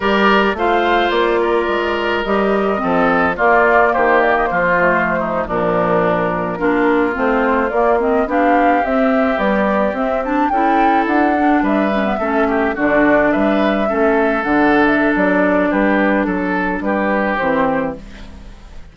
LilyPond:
<<
  \new Staff \with { instrumentName = "flute" } { \time 4/4 \tempo 4 = 107 d''4 f''4 d''2 | dis''2 d''4 c''8 d''16 dis''16 | c''4.~ c''16 ais'2~ ais'16~ | ais'8. c''4 d''8 dis''8 f''4 e''16~ |
e''8. d''4 e''8 a''8 g''4 fis''16~ | fis''8. e''2 d''4 e''16~ | e''4.~ e''16 fis''8. e''8 d''4 | b'4 a'4 b'4 c''4 | }
  \new Staff \with { instrumentName = "oboe" } { \time 4/4 ais'4 c''4. ais'4.~ | ais'4 a'4 f'4 g'4 | f'4~ f'16 dis'8 d'2 f'16~ | f'2~ f'8. g'4~ g'16~ |
g'2~ g'8. a'4~ a'16~ | a'8. b'4 a'8 g'8 fis'4 b'16~ | b'8. a'2.~ a'16 | g'4 a'4 g'2 | }
  \new Staff \with { instrumentName = "clarinet" } { \time 4/4 g'4 f'2. | g'4 c'4 ais2~ | ais8 a4~ a16 f2 d'16~ | d'8. c'4 ais8 c'8 d'4 c'16~ |
c'8. g4 c'8 d'8 e'4~ e'16~ | e'16 d'4 cis'16 b16 cis'4 d'4~ d'16~ | d'8. cis'4 d'2~ d'16~ | d'2. c'4 | }
  \new Staff \with { instrumentName = "bassoon" } { \time 4/4 g4 a4 ais4 gis4 | g4 f4 ais4 dis4 | f4.~ f16 ais,2 ais16~ | ais8. a4 ais4 b4 c'16~ |
c'8. b4 c'4 cis'4 d'16~ | d'8. g4 a4 d4 g16~ | g8. a4 d4~ d16 fis4 | g4 fis4 g4 e4 | }
>>